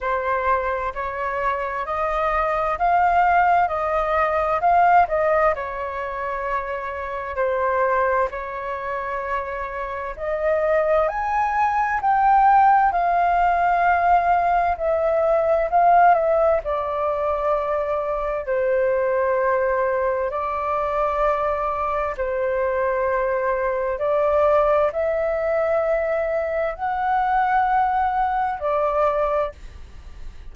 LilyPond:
\new Staff \with { instrumentName = "flute" } { \time 4/4 \tempo 4 = 65 c''4 cis''4 dis''4 f''4 | dis''4 f''8 dis''8 cis''2 | c''4 cis''2 dis''4 | gis''4 g''4 f''2 |
e''4 f''8 e''8 d''2 | c''2 d''2 | c''2 d''4 e''4~ | e''4 fis''2 d''4 | }